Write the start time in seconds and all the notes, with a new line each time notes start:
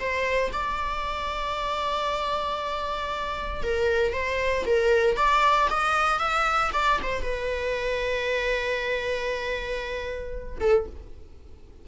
0.00 C5
0.53 D5
3.63 A#4
4.14 C5
4.66 A#4
5.17 D5
5.71 D#5
6.19 E5
6.73 D5
7.03 C5
7.23 B4
10.61 A4